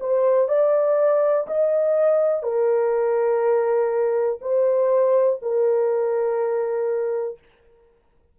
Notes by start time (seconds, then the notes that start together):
0.00 C5
0.48 D5
1.47 D#5
2.43 A#4
4.41 C5
5.42 A#4